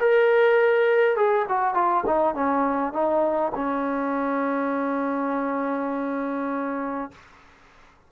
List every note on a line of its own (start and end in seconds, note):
0.00 1.17 A#4
1.17 1.46 G#4
1.49 1.74 F#4
1.74 2.04 F4
2.07 2.35 D#4
2.35 2.93 C#4
2.93 3.53 D#4
3.55 7.12 C#4